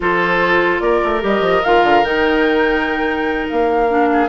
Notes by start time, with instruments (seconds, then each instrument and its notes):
0.00 bassoon F3, clarinet F4, oboe A4, flute C5
0.80 bassoon A#3, oboe A#4, flute D5
1.04 bassoon A3
1.20 bassoon G3, clarinet G4, flute D#5
1.40 bassoon F3
1.64 bassoon D#3, clarinet F4, flute F5
1.83 bassoon D3
2.04 bassoon D#3, clarinet D#4, flute G5
3.49 bassoon A#3, flute F5
3.89 clarinet D4
4.12 oboe G#4